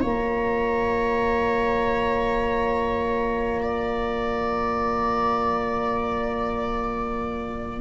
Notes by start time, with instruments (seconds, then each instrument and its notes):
0.00 tuba A#3, cello F4, viola C#5, trumpet A#5
3.62 viola D5